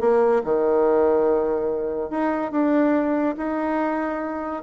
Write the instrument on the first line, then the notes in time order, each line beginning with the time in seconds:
bassoon
0.00 A#3
0.44 D#3
2.10 D#4
2.52 D4
3.37 D#4